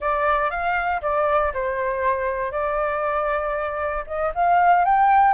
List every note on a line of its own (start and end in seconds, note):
0.00 0.50 D5
0.50 1.01 F5
1.01 1.52 D5
1.53 2.51 C5
2.51 4.04 D5
4.07 4.32 D#5
4.34 4.84 F5
4.84 5.34 G5